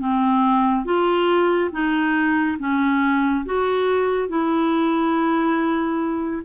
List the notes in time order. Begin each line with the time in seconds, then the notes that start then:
0.00 C4
0.85 F4
1.72 D#4
2.59 C#4
3.46 F#4
4.29 E4